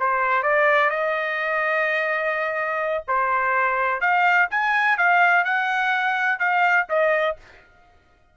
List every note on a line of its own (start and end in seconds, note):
0.00 0.43 C5
0.43 0.90 D5
0.90 3.05 D#5
3.08 4.01 C5
4.01 4.49 F5
4.51 4.98 G#5
4.98 5.45 F5
5.45 6.39 F#5
6.39 6.87 F5
6.90 7.37 D#5